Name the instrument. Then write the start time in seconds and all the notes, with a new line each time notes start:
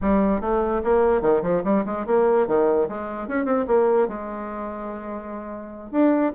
bassoon
0.01 G3
0.40 A3
0.83 A#3
1.21 D#3
1.42 F3
1.64 G3
1.85 G#3
2.06 A#3
2.47 D#3
2.88 G#3
3.28 C#4
3.45 C4
3.67 A#3
4.07 G#3
5.91 D4